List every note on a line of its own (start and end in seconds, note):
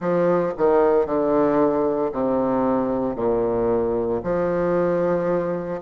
0.00 0.53 F3
0.57 1.05 D#3
1.05 2.11 D3
2.11 3.15 C3
3.15 4.21 A#2
4.23 5.81 F3